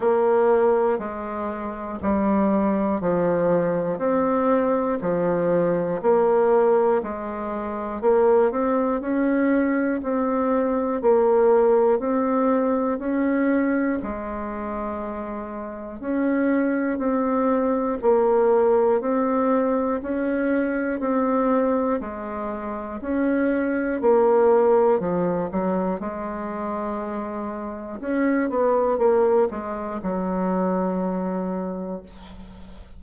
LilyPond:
\new Staff \with { instrumentName = "bassoon" } { \time 4/4 \tempo 4 = 60 ais4 gis4 g4 f4 | c'4 f4 ais4 gis4 | ais8 c'8 cis'4 c'4 ais4 | c'4 cis'4 gis2 |
cis'4 c'4 ais4 c'4 | cis'4 c'4 gis4 cis'4 | ais4 f8 fis8 gis2 | cis'8 b8 ais8 gis8 fis2 | }